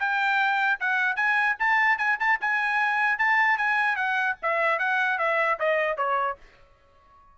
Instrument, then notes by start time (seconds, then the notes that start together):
trumpet
0.00 G5
0.81 F#5
1.16 G#5
1.59 A5
1.98 G#5
2.20 A5
2.41 G#5
3.19 A5
3.58 G#5
3.96 F#5
4.43 E5
4.79 F#5
5.19 E5
5.59 D#5
5.97 C#5